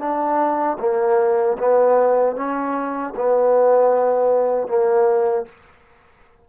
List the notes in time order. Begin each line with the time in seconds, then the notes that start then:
0.00 D4
0.80 A#3
1.59 B3
2.36 C#4
3.16 B3
4.68 A#3